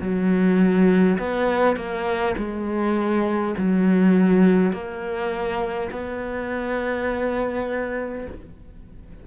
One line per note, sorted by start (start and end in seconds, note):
0.00 1.18 F#3
1.18 1.76 B3
1.76 2.35 A#3
2.37 3.55 G#3
3.57 4.72 F#3
4.72 5.90 A#3
5.91 8.26 B3